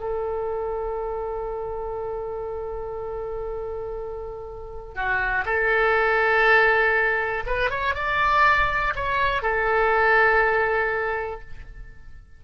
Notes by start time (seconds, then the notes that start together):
0.00 A4
4.95 F#4
5.45 A4
7.46 B4
7.70 C#5
7.95 D5
8.95 C#5
9.42 A4